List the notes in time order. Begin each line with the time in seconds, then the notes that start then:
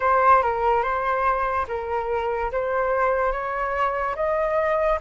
0.00 C5
0.42 A#4
0.83 C5
1.67 A#4
2.51 C5
3.31 C#5
4.15 D#5